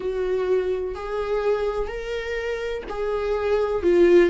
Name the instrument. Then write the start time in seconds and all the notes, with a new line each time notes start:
viola
0.00 F#4
0.94 G#4
1.87 A#4
2.89 G#4
3.82 F4